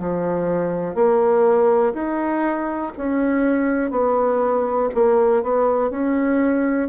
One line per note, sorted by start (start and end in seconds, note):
0.00 0.95 F3
0.95 1.94 A#3
1.94 2.92 D#4
2.98 3.91 C#4
3.91 4.89 B3
4.94 5.43 A#3
5.43 5.91 B3
5.91 6.89 C#4